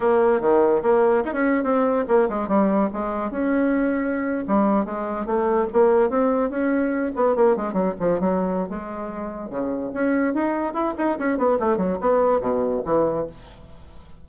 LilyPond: \new Staff \with { instrumentName = "bassoon" } { \time 4/4 \tempo 4 = 145 ais4 dis4 ais4 dis'16 cis'8. | c'4 ais8 gis8 g4 gis4 | cis'2~ cis'8. g4 gis16~ | gis8. a4 ais4 c'4 cis'16~ |
cis'4~ cis'16 b8 ais8 gis8 fis8 f8 fis16~ | fis4 gis2 cis4 | cis'4 dis'4 e'8 dis'8 cis'8 b8 | a8 fis8 b4 b,4 e4 | }